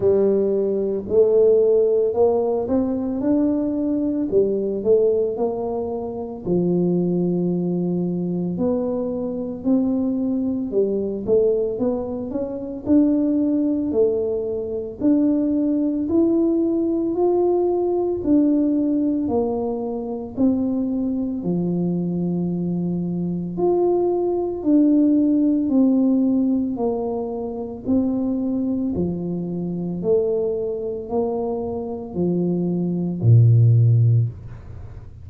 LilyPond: \new Staff \with { instrumentName = "tuba" } { \time 4/4 \tempo 4 = 56 g4 a4 ais8 c'8 d'4 | g8 a8 ais4 f2 | b4 c'4 g8 a8 b8 cis'8 | d'4 a4 d'4 e'4 |
f'4 d'4 ais4 c'4 | f2 f'4 d'4 | c'4 ais4 c'4 f4 | a4 ais4 f4 ais,4 | }